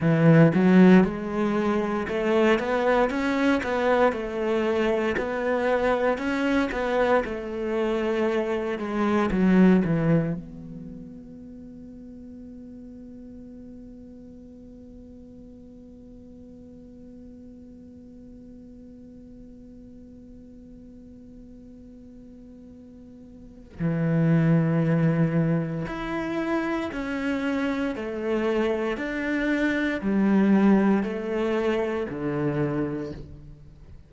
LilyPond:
\new Staff \with { instrumentName = "cello" } { \time 4/4 \tempo 4 = 58 e8 fis8 gis4 a8 b8 cis'8 b8 | a4 b4 cis'8 b8 a4~ | a8 gis8 fis8 e8 b2~ | b1~ |
b1~ | b2. e4~ | e4 e'4 cis'4 a4 | d'4 g4 a4 d4 | }